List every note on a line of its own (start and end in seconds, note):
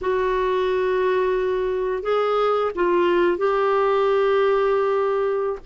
0.01 2.03 F#4
2.03 2.71 G#4
2.75 3.37 F4
3.37 5.59 G4